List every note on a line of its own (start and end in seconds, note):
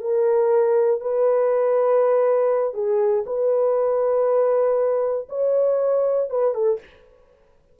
0.00 1.00 A#4
1.00 2.73 B4
2.73 3.24 G#4
3.26 5.28 B4
5.29 6.30 C#5
6.30 6.54 B4
6.54 6.79 A4